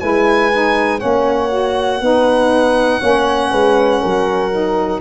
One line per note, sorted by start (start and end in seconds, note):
0.00 1.02 G#3
0.00 0.51 E4
0.00 1.00 B4
0.00 1.00 G#5
0.52 0.99 D#4
0.99 2.01 A#3
0.99 1.49 C#4
0.99 2.00 C#5
0.99 5.00 F#5
1.49 1.99 F#4
2.01 3.01 B3
2.01 3.00 D#4
2.01 3.00 B4
3.00 3.52 A#3
3.00 4.50 C#4
3.00 3.50 C#5
3.51 4.02 G#3
3.51 4.01 B4
4.01 5.01 F#3
4.01 5.01 A#4
4.51 5.01 D#4